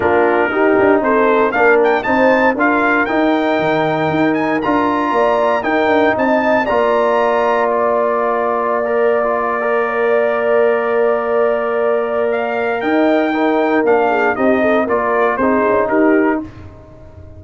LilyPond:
<<
  \new Staff \with { instrumentName = "trumpet" } { \time 4/4 \tempo 4 = 117 ais'2 c''4 f''8 g''8 | a''4 f''4 g''2~ | g''8 gis''8 ais''2 g''4 | a''4 ais''2 d''4~ |
d''1~ | d''1 | f''4 g''2 f''4 | dis''4 d''4 c''4 ais'4 | }
  \new Staff \with { instrumentName = "horn" } { \time 4/4 f'4 g'4 a'4 ais'4 | c''4 ais'2.~ | ais'2 d''4 ais'4 | dis''4 d''2.~ |
d''2.~ d''16 cis''16 d''8~ | d''1~ | d''4 dis''4 ais'4. gis'8 | g'8 a'8 ais'4 gis'4 g'4 | }
  \new Staff \with { instrumentName = "trombone" } { \time 4/4 d'4 dis'2 d'4 | dis'4 f'4 dis'2~ | dis'4 f'2 dis'4~ | dis'4 f'2.~ |
f'4~ f'16 ais'8. f'8. ais'4~ ais'16~ | ais'1~ | ais'2 dis'4 d'4 | dis'4 f'4 dis'2 | }
  \new Staff \with { instrumentName = "tuba" } { \time 4/4 ais4 dis'8 d'8 c'4 ais4 | c'4 d'4 dis'4 dis4 | dis'4 d'4 ais4 dis'8 d'8 | c'4 ais2.~ |
ais1~ | ais1~ | ais4 dis'2 ais4 | c'4 ais4 c'8 cis'8 dis'4 | }
>>